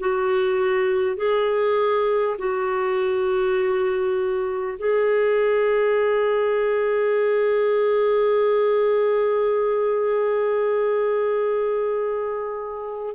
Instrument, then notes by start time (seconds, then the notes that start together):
clarinet
0.00 F#4
1.17 G#4
2.39 F#4
4.79 G#4